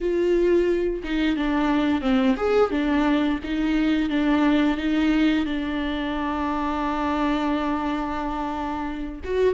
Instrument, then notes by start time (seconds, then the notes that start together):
viola
0.00 F4
1.03 D#4
1.36 D4
2.01 C4
2.36 G#4
2.71 D4
3.43 D#4
4.09 D4
4.77 D#4
5.45 D4
9.24 F#4